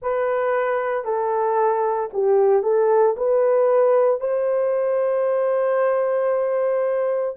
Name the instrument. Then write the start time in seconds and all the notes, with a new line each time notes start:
horn
0.01 B4
1.04 A4
2.13 G4
2.63 A4
3.16 B4
4.20 C5